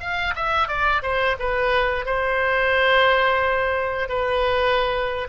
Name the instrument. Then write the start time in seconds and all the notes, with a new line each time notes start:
oboe
0.00 F5
0.35 E5
0.68 D5
1.02 C5
1.39 B4
2.05 C5
4.09 B4